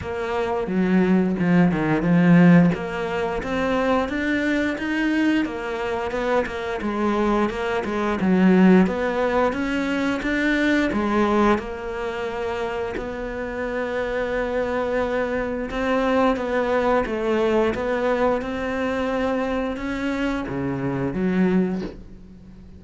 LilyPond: \new Staff \with { instrumentName = "cello" } { \time 4/4 \tempo 4 = 88 ais4 fis4 f8 dis8 f4 | ais4 c'4 d'4 dis'4 | ais4 b8 ais8 gis4 ais8 gis8 | fis4 b4 cis'4 d'4 |
gis4 ais2 b4~ | b2. c'4 | b4 a4 b4 c'4~ | c'4 cis'4 cis4 fis4 | }